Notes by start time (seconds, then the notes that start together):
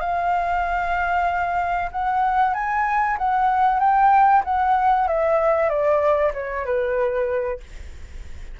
0.00 F5
1.91 F#5
2.54 G#5
3.18 F#5
3.79 G5
4.44 F#5
5.07 E5
5.69 D5
6.33 C#5
6.65 B4